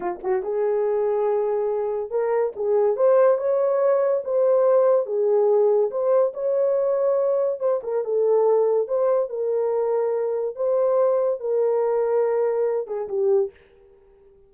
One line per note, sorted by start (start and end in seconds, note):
0.00 0.18 F4
0.23 0.42 F#4
0.42 2.10 G#4
2.10 2.52 A#4
2.55 2.96 G#4
2.96 3.37 C5
3.37 4.22 C#5
4.24 5.06 C5
5.06 5.90 G#4
5.90 6.32 C5
6.33 7.59 C#5
7.59 7.80 C5
7.83 8.04 A#4
8.04 8.87 A4
8.87 9.29 C5
9.29 10.55 A#4
10.55 11.40 C5
11.40 12.87 A#4
12.87 13.08 G#4
13.08 13.50 G4